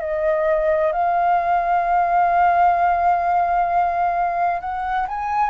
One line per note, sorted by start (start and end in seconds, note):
0.00 0.92 D#5
0.93 4.61 F5
4.61 5.07 F#5
5.08 5.50 G#5